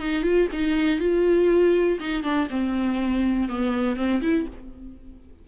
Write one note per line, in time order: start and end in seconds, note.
0.00 0.23 D#4
0.23 0.48 F4
0.53 1.00 D#4
1.00 1.99 F4
2.00 2.24 D#4
2.24 2.49 D4
2.50 3.49 C4
3.49 3.97 B3
3.97 4.21 C4
4.22 4.47 E4